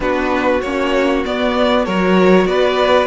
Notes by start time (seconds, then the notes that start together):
0.00 B3 D4 F#4 B4
0.61 A#3 C#4 C#5
1.25 B3 D5
1.85 F#3 F#4 A#4 C#5
2.45 B3 B4 D5